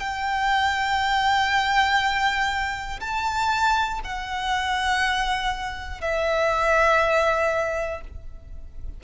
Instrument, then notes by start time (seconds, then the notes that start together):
violin
0.00 G5
3.00 A5
4.04 F#5
6.01 E5